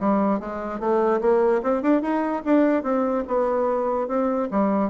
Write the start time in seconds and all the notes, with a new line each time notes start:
0.00 G3
0.40 G#3
0.80 A3
1.21 A#3
1.63 C4
1.83 D4
2.02 D#4
2.45 D4
2.83 C4
3.28 B3
4.08 C4
4.51 G3